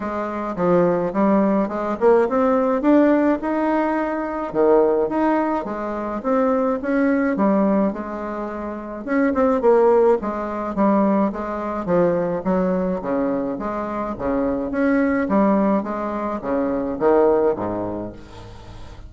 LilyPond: \new Staff \with { instrumentName = "bassoon" } { \time 4/4 \tempo 4 = 106 gis4 f4 g4 gis8 ais8 | c'4 d'4 dis'2 | dis4 dis'4 gis4 c'4 | cis'4 g4 gis2 |
cis'8 c'8 ais4 gis4 g4 | gis4 f4 fis4 cis4 | gis4 cis4 cis'4 g4 | gis4 cis4 dis4 gis,4 | }